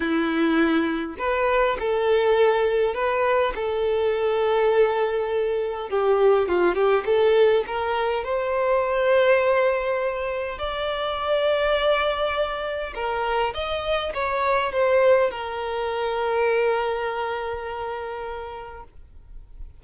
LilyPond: \new Staff \with { instrumentName = "violin" } { \time 4/4 \tempo 4 = 102 e'2 b'4 a'4~ | a'4 b'4 a'2~ | a'2 g'4 f'8 g'8 | a'4 ais'4 c''2~ |
c''2 d''2~ | d''2 ais'4 dis''4 | cis''4 c''4 ais'2~ | ais'1 | }